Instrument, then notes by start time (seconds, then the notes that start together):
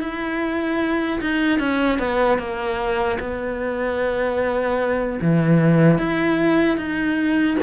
cello
0.00 E4
1.21 D#4
1.59 C#4
1.99 B3
2.38 A#3
3.20 B3
5.21 E3
5.98 E4
6.77 D#4